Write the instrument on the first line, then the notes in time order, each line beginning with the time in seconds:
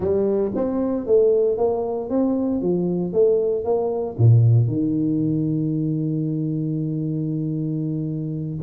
tuba
0.00 G3
0.55 C4
1.06 A3
1.57 A#3
2.09 C4
2.61 F3
3.13 A3
3.64 A#3
4.18 A#2
4.67 D#3